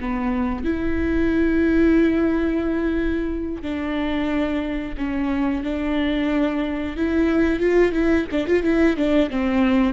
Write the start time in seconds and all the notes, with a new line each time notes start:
0.00 B3
0.64 E4
3.62 D4
4.97 C#4
5.63 D4
6.96 E4
7.60 F4
7.92 E4
8.31 D4
8.47 F4
8.63 E4
8.96 D4
9.30 C4